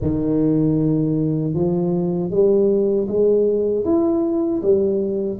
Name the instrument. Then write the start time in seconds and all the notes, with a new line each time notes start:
tuba
0.01 D#3
1.54 F3
2.30 G3
3.08 G#3
3.84 E4
4.62 G3